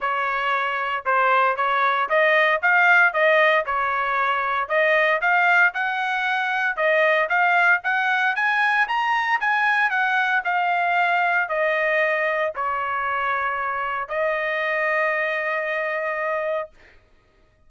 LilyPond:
\new Staff \with { instrumentName = "trumpet" } { \time 4/4 \tempo 4 = 115 cis''2 c''4 cis''4 | dis''4 f''4 dis''4 cis''4~ | cis''4 dis''4 f''4 fis''4~ | fis''4 dis''4 f''4 fis''4 |
gis''4 ais''4 gis''4 fis''4 | f''2 dis''2 | cis''2. dis''4~ | dis''1 | }